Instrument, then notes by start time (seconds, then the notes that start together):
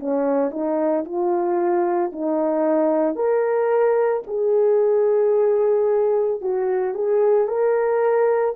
horn
0.00 C#4
0.51 D#4
1.05 F4
2.12 D#4
3.16 A#4
4.27 G#4
6.41 F#4
6.94 G#4
7.48 A#4